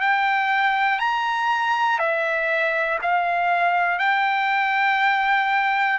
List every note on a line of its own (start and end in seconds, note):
0.00 0.99 G5
0.99 1.99 A#5
1.99 2.99 E5
3.02 3.99 F5
3.99 5.98 G5